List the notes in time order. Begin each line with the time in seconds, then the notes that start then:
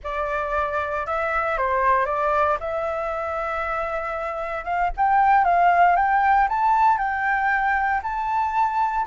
0.03 D5
1.06 E5
1.57 C5
2.05 D5
2.60 E5
4.64 F5
4.96 G5
5.44 F5
5.96 G5
6.49 A5
6.98 G5
8.02 A5